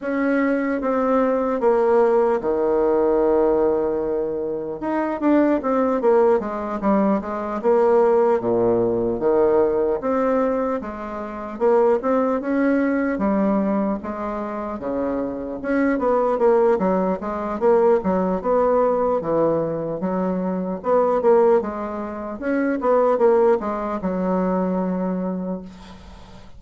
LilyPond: \new Staff \with { instrumentName = "bassoon" } { \time 4/4 \tempo 4 = 75 cis'4 c'4 ais4 dis4~ | dis2 dis'8 d'8 c'8 ais8 | gis8 g8 gis8 ais4 ais,4 dis8~ | dis8 c'4 gis4 ais8 c'8 cis'8~ |
cis'8 g4 gis4 cis4 cis'8 | b8 ais8 fis8 gis8 ais8 fis8 b4 | e4 fis4 b8 ais8 gis4 | cis'8 b8 ais8 gis8 fis2 | }